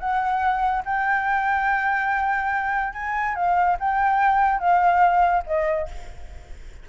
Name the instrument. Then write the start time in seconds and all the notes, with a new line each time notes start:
flute
0.00 F#5
0.86 G5
2.94 G#5
3.36 F5
3.80 G5
4.60 F5
5.47 D#5